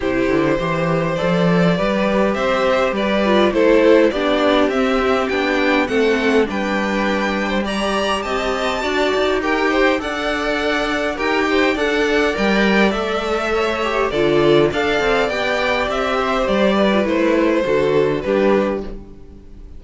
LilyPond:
<<
  \new Staff \with { instrumentName = "violin" } { \time 4/4 \tempo 4 = 102 c''2 d''2 | e''4 d''4 c''4 d''4 | e''4 g''4 fis''4 g''4~ | g''4 ais''4 a''2 |
g''4 fis''2 g''4 | fis''4 g''4 e''2 | d''4 f''4 g''4 e''4 | d''4 c''2 b'4 | }
  \new Staff \with { instrumentName = "violin" } { \time 4/4 g'4 c''2 b'4 | c''4 b'4 a'4 g'4~ | g'2 a'4 b'4~ | b'8. c''16 d''4 dis''4 d''4 |
ais'8 c''8 d''2 ais'8 c''8 | d''2. cis''4 | a'4 d''2~ d''8 c''8~ | c''8 b'4. a'4 g'4 | }
  \new Staff \with { instrumentName = "viola" } { \time 4/4 e'4 g'4 a'4 g'4~ | g'4. f'8 e'4 d'4 | c'4 d'4 c'4 d'4~ | d'4 g'2 fis'4 |
g'4 a'2 g'4 | a'4 ais'4 a'4. g'8 | f'4 a'4 g'2~ | g'8. f'16 e'4 fis'4 d'4 | }
  \new Staff \with { instrumentName = "cello" } { \time 4/4 c8 d8 e4 f4 g4 | c'4 g4 a4 b4 | c'4 b4 a4 g4~ | g2 c'4 d'8 dis'8~ |
dis'4 d'2 dis'4 | d'4 g4 a2 | d4 d'8 c'8 b4 c'4 | g4 a4 d4 g4 | }
>>